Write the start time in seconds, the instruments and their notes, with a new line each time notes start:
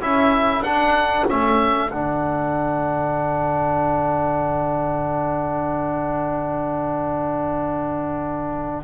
0.00 double bass C#4, trombone E4, flute A4, oboe E5
0.60 double bass D4, trombone D4, oboe F#5
1.27 double bass A3, trombone C#4, oboe E5
1.91 double bass D3, trombone D4, oboe F#5